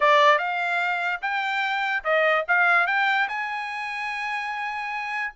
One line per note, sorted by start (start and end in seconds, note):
0.00 0.38 D5
0.38 1.20 F5
1.21 2.03 G5
2.03 2.45 D#5
2.48 2.87 F5
2.87 3.28 G5
3.28 5.33 G#5